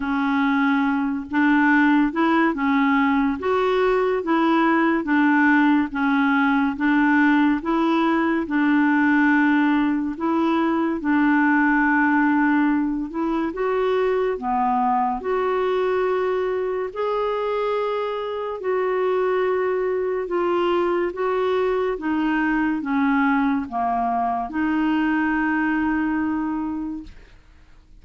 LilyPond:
\new Staff \with { instrumentName = "clarinet" } { \time 4/4 \tempo 4 = 71 cis'4. d'4 e'8 cis'4 | fis'4 e'4 d'4 cis'4 | d'4 e'4 d'2 | e'4 d'2~ d'8 e'8 |
fis'4 b4 fis'2 | gis'2 fis'2 | f'4 fis'4 dis'4 cis'4 | ais4 dis'2. | }